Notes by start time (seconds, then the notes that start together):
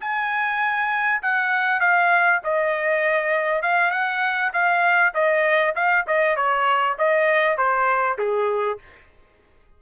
0.00 G#5
1.22 F#5
1.80 F5
2.44 D#5
3.62 F5
3.91 F#5
4.53 F5
5.14 D#5
5.75 F5
6.07 D#5
6.36 C#5
6.98 D#5
7.57 C5
8.18 G#4